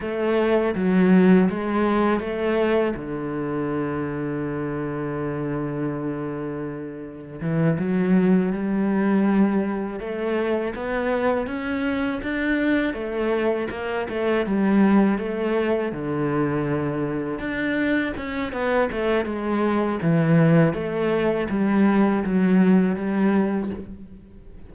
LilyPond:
\new Staff \with { instrumentName = "cello" } { \time 4/4 \tempo 4 = 81 a4 fis4 gis4 a4 | d1~ | d2 e8 fis4 g8~ | g4. a4 b4 cis'8~ |
cis'8 d'4 a4 ais8 a8 g8~ | g8 a4 d2 d'8~ | d'8 cis'8 b8 a8 gis4 e4 | a4 g4 fis4 g4 | }